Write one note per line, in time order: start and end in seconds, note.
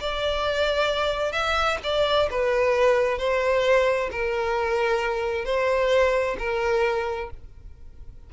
0.00 1.32 D5
1.32 1.78 E5
1.83 2.29 D5
2.30 3.18 B4
3.18 4.10 C5
4.11 5.45 A#4
5.45 6.36 C5
6.39 7.30 A#4